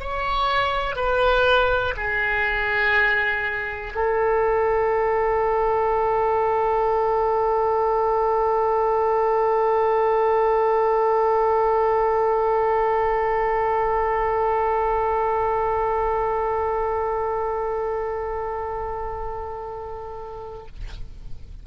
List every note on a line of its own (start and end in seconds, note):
0.00 0.96 C#5
0.96 1.94 B4
1.97 3.93 G#4
3.95 20.67 A4